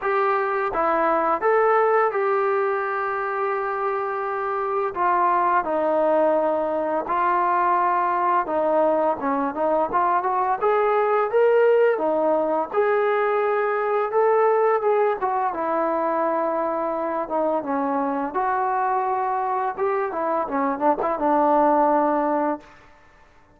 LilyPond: \new Staff \with { instrumentName = "trombone" } { \time 4/4 \tempo 4 = 85 g'4 e'4 a'4 g'4~ | g'2. f'4 | dis'2 f'2 | dis'4 cis'8 dis'8 f'8 fis'8 gis'4 |
ais'4 dis'4 gis'2 | a'4 gis'8 fis'8 e'2~ | e'8 dis'8 cis'4 fis'2 | g'8 e'8 cis'8 d'16 e'16 d'2 | }